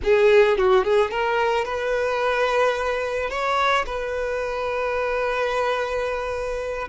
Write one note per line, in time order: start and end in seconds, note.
0.03 0.57 G#4
0.57 0.84 F#4
0.84 1.10 G#4
1.10 1.65 A#4
1.65 3.30 B4
3.30 3.85 C#5
3.85 6.88 B4